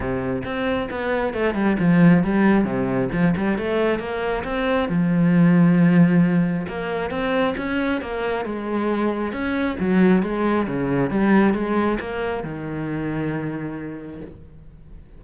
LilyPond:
\new Staff \with { instrumentName = "cello" } { \time 4/4 \tempo 4 = 135 c4 c'4 b4 a8 g8 | f4 g4 c4 f8 g8 | a4 ais4 c'4 f4~ | f2. ais4 |
c'4 cis'4 ais4 gis4~ | gis4 cis'4 fis4 gis4 | cis4 g4 gis4 ais4 | dis1 | }